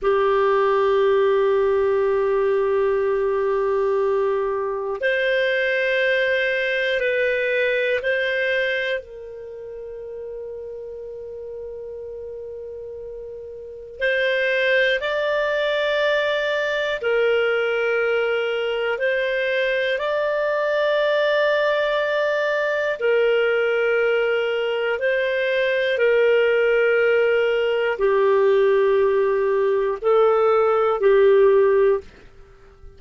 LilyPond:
\new Staff \with { instrumentName = "clarinet" } { \time 4/4 \tempo 4 = 60 g'1~ | g'4 c''2 b'4 | c''4 ais'2.~ | ais'2 c''4 d''4~ |
d''4 ais'2 c''4 | d''2. ais'4~ | ais'4 c''4 ais'2 | g'2 a'4 g'4 | }